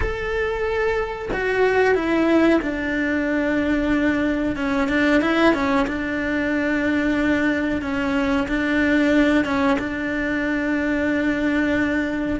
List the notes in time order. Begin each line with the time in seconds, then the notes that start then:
0.00 A4
1.33 F#4
1.94 E4
2.62 D4
4.55 C#4
4.88 D4
5.21 E4
5.53 C#4
5.87 D4
7.81 C#4
8.48 D4
9.44 C#4
9.78 D4